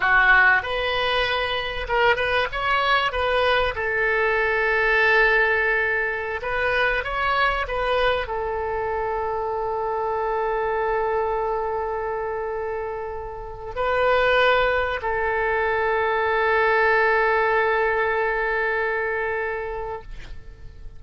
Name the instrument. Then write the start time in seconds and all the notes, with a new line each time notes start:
oboe
0.00 F#4
0.62 B4
1.88 A#4
2.16 B4
2.51 C#5
3.12 B4
3.75 A4
6.41 B4
7.03 C#5
7.67 B4
8.27 A4
13.75 B4
15.02 A4